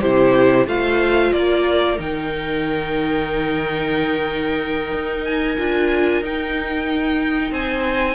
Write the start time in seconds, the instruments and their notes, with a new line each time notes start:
0.00 cello C3, viola E4 G4, violin C5
0.67 cello A3, viola F4 C5, violin F5
1.33 cello A#3, viola A#4, violin D5
1.97 cello D#3, viola D#4, violin G5
4.92 cello D#4
5.25 violin G#5
5.58 cello D4, viola F4
6.21 cello D#4, viola D#4, violin G5
7.51 cello C4, viola C5, violin G#5